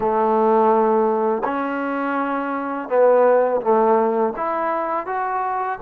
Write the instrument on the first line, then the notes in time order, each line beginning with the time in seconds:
trombone
0.00 A3
1.44 C#4
2.88 B3
3.61 A3
4.36 E4
5.06 F#4